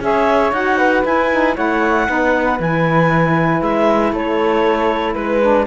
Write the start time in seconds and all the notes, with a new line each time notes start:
0.00 C#4 G#4 C#5 E5
0.52 D#4 F#4 F#5
0.77 B4
1.04 E4 G#5
1.31 D#4
1.55 A3 E4 C#5 F#5
2.07 B3 D#4 B4
2.59 E3 E4 G#5
3.61 G#3 E5
4.12 A3 A4 C#5
5.13 G#3 B4
5.41 D4